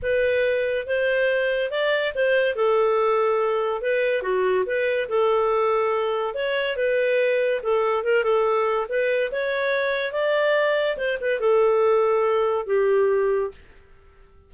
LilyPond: \new Staff \with { instrumentName = "clarinet" } { \time 4/4 \tempo 4 = 142 b'2 c''2 | d''4 c''4 a'2~ | a'4 b'4 fis'4 b'4 | a'2. cis''4 |
b'2 a'4 ais'8 a'8~ | a'4 b'4 cis''2 | d''2 c''8 b'8 a'4~ | a'2 g'2 | }